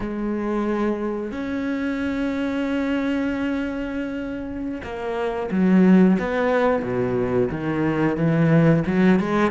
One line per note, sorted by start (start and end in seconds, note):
0.00 1.31 G#3
1.31 4.81 C#4
4.83 5.50 A#3
5.51 6.18 F#3
6.19 6.82 B3
6.82 7.48 B2
7.50 8.17 D#3
8.17 8.83 E3
8.86 9.19 F#3
9.19 9.51 G#3